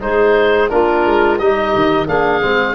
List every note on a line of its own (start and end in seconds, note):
0.00 0.69 G#3
0.00 0.69 D#4
0.00 0.72 G#4
0.00 0.69 C5
0.69 1.05 A#3
0.69 1.38 D4
0.69 1.41 F4
0.69 1.38 A#4
1.05 1.39 G#3
1.38 1.74 G3
1.38 2.07 D#4
1.38 2.07 G4
1.38 2.07 D#5
1.75 2.07 D#3
2.07 2.41 A#3
2.07 2.41 D4
2.07 2.74 G#4
2.07 2.74 F5
2.41 2.74 G#3
2.41 2.74 C4